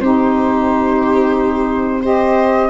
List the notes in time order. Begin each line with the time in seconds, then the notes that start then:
0.00 C4 D#4 G4 C5
2.02 G4 C5 D#5